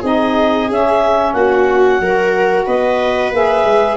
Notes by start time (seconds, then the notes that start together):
0.00 C4 D#4 G#4 D#5
0.69 C#4 E5
1.33 A#3 F#4 F#5
1.99 F#3 F#4 A#4
2.66 B3 B4 D#5
3.31 A#3 G#4 E5
3.64 G#3